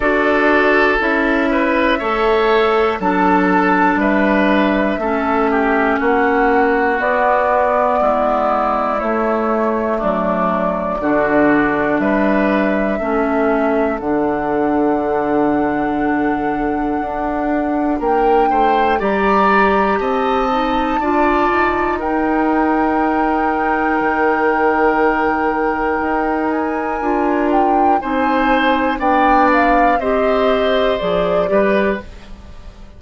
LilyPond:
<<
  \new Staff \with { instrumentName = "flute" } { \time 4/4 \tempo 4 = 60 d''4 e''2 a''4 | e''2 fis''4 d''4~ | d''4 cis''4 d''2 | e''2 fis''2~ |
fis''2 g''4 ais''4 | a''2 g''2~ | g''2~ g''8 gis''4 g''8 | gis''4 g''8 f''8 dis''4 d''4 | }
  \new Staff \with { instrumentName = "oboe" } { \time 4/4 a'4. b'8 cis''4 a'4 | b'4 a'8 g'8 fis'2 | e'2 d'4 fis'4 | b'4 a'2.~ |
a'2 ais'8 c''8 d''4 | dis''4 d''4 ais'2~ | ais'1 | c''4 d''4 c''4. b'8 | }
  \new Staff \with { instrumentName = "clarinet" } { \time 4/4 fis'4 e'4 a'4 d'4~ | d'4 cis'2 b4~ | b4 a2 d'4~ | d'4 cis'4 d'2~ |
d'2. g'4~ | g'8 dis'8 f'4 dis'2~ | dis'2. f'4 | dis'4 d'4 g'4 gis'8 g'8 | }
  \new Staff \with { instrumentName = "bassoon" } { \time 4/4 d'4 cis'4 a4 fis4 | g4 a4 ais4 b4 | gis4 a4 fis4 d4 | g4 a4 d2~ |
d4 d'4 ais8 a8 g4 | c'4 d'8 dis'2~ dis'8 | dis2 dis'4 d'4 | c'4 b4 c'4 f8 g8 | }
>>